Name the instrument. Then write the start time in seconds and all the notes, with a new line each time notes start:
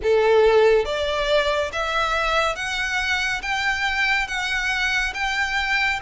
violin
0.02 A4
0.85 D5
1.72 E5
2.55 F#5
3.42 G5
4.27 F#5
5.14 G5